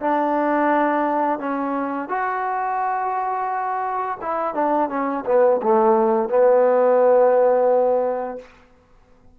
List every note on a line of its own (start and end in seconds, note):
0.00 1.39 D4
1.39 2.09 C#4
2.09 4.18 F#4
4.21 4.54 E4
4.54 4.89 D4
4.89 5.24 C#4
5.25 5.60 B3
5.62 6.29 A3
6.29 8.38 B3